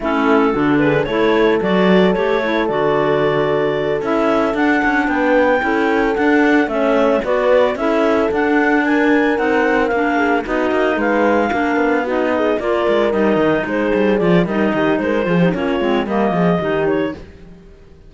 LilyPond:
<<
  \new Staff \with { instrumentName = "clarinet" } { \time 4/4 \tempo 4 = 112 a'4. b'8 cis''4 d''4 | cis''4 d''2~ d''8 e''8~ | e''8 fis''4 g''2 fis''8~ | fis''8 e''4 d''4 e''4 fis''8~ |
fis''8 gis''4 fis''4 f''4 dis''8~ | dis''8 f''2 dis''4 d''8~ | d''8 dis''4 c''4 d''8 dis''4 | c''4 cis''4 dis''4. cis''8 | }
  \new Staff \with { instrumentName = "horn" } { \time 4/4 e'4 fis'8 gis'8 a'2~ | a'1~ | a'4. b'4 a'4.~ | a'8 cis''4 b'4 a'4.~ |
a'8 ais'2~ ais'8 gis'8 fis'8~ | fis'8 b'4 ais'4 fis'8 gis'8 ais'8~ | ais'4. gis'4. ais'8 g'8 | ais'8 gis'16 g'16 f'4 ais'8 gis'8 g'4 | }
  \new Staff \with { instrumentName = "clarinet" } { \time 4/4 cis'4 d'4 e'4 fis'4 | g'8 e'8 fis'2~ fis'8 e'8~ | e'8 d'2 e'4 d'8~ | d'8 cis'4 fis'4 e'4 d'8~ |
d'4. dis'4 d'4 dis'8~ | dis'4. d'4 dis'4 f'8~ | f'8 dis'2 f'8 dis'4~ | dis'8 f'16 dis'16 cis'8 c'8 ais4 dis'4 | }
  \new Staff \with { instrumentName = "cello" } { \time 4/4 a4 d4 a4 fis4 | a4 d2~ d8 cis'8~ | cis'8 d'8 cis'8 b4 cis'4 d'8~ | d'8 a4 b4 cis'4 d'8~ |
d'4. c'4 ais4 b8 | ais8 gis4 ais8 b4. ais8 | gis8 g8 dis8 gis8 g8 f8 g8 dis8 | gis8 f8 ais8 gis8 g8 f8 dis4 | }
>>